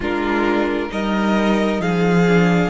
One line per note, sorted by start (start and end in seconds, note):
0.00 0.88 G#3
0.00 0.88 D4
0.00 0.89 F4
0.00 0.91 A#4
0.88 1.79 G3
0.88 2.25 D#4
0.88 1.81 A#4
0.88 1.81 D#5
1.79 2.70 F3
1.79 2.70 G#4
1.79 2.70 F5
2.27 2.70 D4